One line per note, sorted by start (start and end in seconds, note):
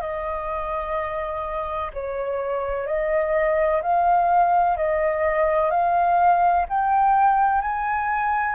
0.00 1.90 D#5
1.93 2.87 C#5
2.87 3.82 D#5
3.82 4.77 F5
4.77 5.70 D#5
5.70 6.65 F5
6.68 7.61 G5
7.61 8.55 G#5